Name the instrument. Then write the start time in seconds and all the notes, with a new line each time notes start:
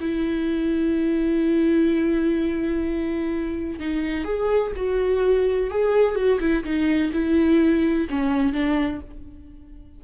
viola
0.00 E4
3.80 D#4
4.24 G#4
4.76 F#4
5.70 G#4
6.15 F#4
6.40 E4
6.64 D#4
7.13 E4
8.10 C#4
8.53 D4